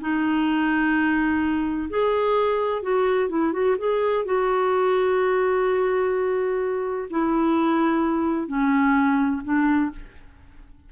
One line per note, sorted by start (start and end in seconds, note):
0.00 1.89 D#4
1.90 2.82 G#4
2.82 3.29 F#4
3.29 3.52 E4
3.52 3.76 F#4
3.78 4.25 G#4
4.25 7.08 F#4
7.10 8.47 E4
8.47 9.42 C#4
9.43 9.91 D4